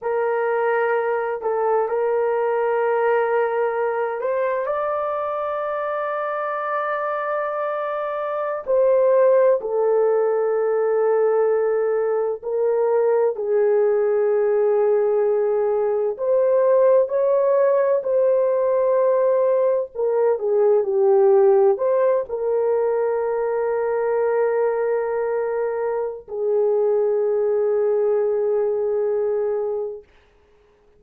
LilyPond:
\new Staff \with { instrumentName = "horn" } { \time 4/4 \tempo 4 = 64 ais'4. a'8 ais'2~ | ais'8 c''8 d''2.~ | d''4~ d''16 c''4 a'4.~ a'16~ | a'4~ a'16 ais'4 gis'4.~ gis'16~ |
gis'4~ gis'16 c''4 cis''4 c''8.~ | c''4~ c''16 ais'8 gis'8 g'4 c''8 ais'16~ | ais'1 | gis'1 | }